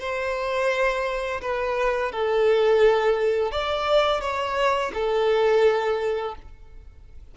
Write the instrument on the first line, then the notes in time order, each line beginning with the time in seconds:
violin
0.00 C5
1.42 B4
2.12 A4
3.52 D5
4.22 C#5
4.94 A4